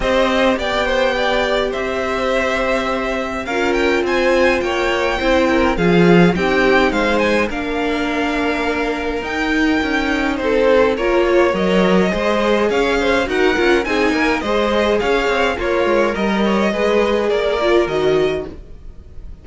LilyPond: <<
  \new Staff \with { instrumentName = "violin" } { \time 4/4 \tempo 4 = 104 dis''4 g''2 e''4~ | e''2 f''8 g''8 gis''4 | g''2 f''4 g''4 | f''8 gis''8 f''2. |
g''2 c''4 cis''4 | dis''2 f''4 fis''4 | gis''4 dis''4 f''4 cis''4 | dis''2 d''4 dis''4 | }
  \new Staff \with { instrumentName = "violin" } { \time 4/4 c''4 d''8 c''8 d''4 c''4~ | c''2 ais'4 c''4 | cis''4 c''8 ais'8 gis'4 g'4 | c''4 ais'2.~ |
ais'2 a'4 ais'8 cis''8~ | cis''4 c''4 cis''8 c''8 ais'4 | gis'8 ais'8 c''4 cis''4 f'4 | ais'8 cis''8 b'4 ais'2 | }
  \new Staff \with { instrumentName = "viola" } { \time 4/4 g'1~ | g'2 f'2~ | f'4 e'4 f'4 dis'4~ | dis'4 d'2. |
dis'2. f'4 | ais'4 gis'2 fis'8 f'8 | dis'4 gis'2 ais'4~ | ais'4 gis'4. f'8 fis'4 | }
  \new Staff \with { instrumentName = "cello" } { \time 4/4 c'4 b2 c'4~ | c'2 cis'4 c'4 | ais4 c'4 f4 c'4 | gis4 ais2. |
dis'4 cis'4 c'4 ais4 | fis4 gis4 cis'4 dis'8 cis'8 | c'8 ais8 gis4 cis'8 c'8 ais8 gis8 | g4 gis4 ais4 dis4 | }
>>